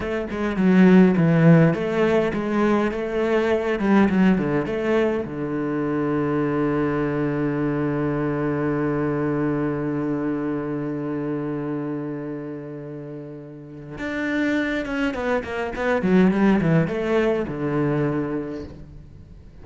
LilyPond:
\new Staff \with { instrumentName = "cello" } { \time 4/4 \tempo 4 = 103 a8 gis8 fis4 e4 a4 | gis4 a4. g8 fis8 d8 | a4 d2.~ | d1~ |
d1~ | d1 | d'4. cis'8 b8 ais8 b8 fis8 | g8 e8 a4 d2 | }